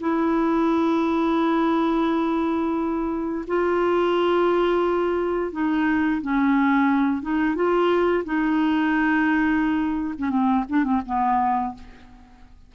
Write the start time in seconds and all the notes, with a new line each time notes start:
0.00 E4
3.47 F4
5.52 D#4
6.21 C#4
7.22 D#4
7.55 F4
8.25 D#4
10.18 C#4
10.30 C4
10.69 D4
10.84 C4
11.05 B3